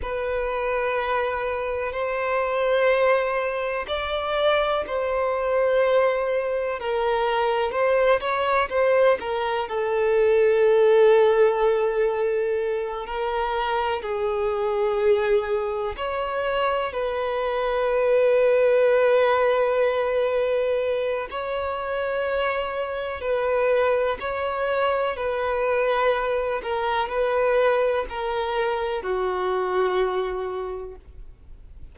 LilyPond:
\new Staff \with { instrumentName = "violin" } { \time 4/4 \tempo 4 = 62 b'2 c''2 | d''4 c''2 ais'4 | c''8 cis''8 c''8 ais'8 a'2~ | a'4. ais'4 gis'4.~ |
gis'8 cis''4 b'2~ b'8~ | b'2 cis''2 | b'4 cis''4 b'4. ais'8 | b'4 ais'4 fis'2 | }